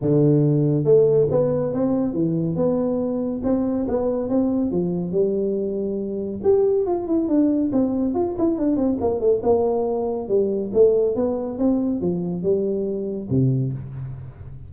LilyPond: \new Staff \with { instrumentName = "tuba" } { \time 4/4 \tempo 4 = 140 d2 a4 b4 | c'4 e4 b2 | c'4 b4 c'4 f4 | g2. g'4 |
f'8 e'8 d'4 c'4 f'8 e'8 | d'8 c'8 ais8 a8 ais2 | g4 a4 b4 c'4 | f4 g2 c4 | }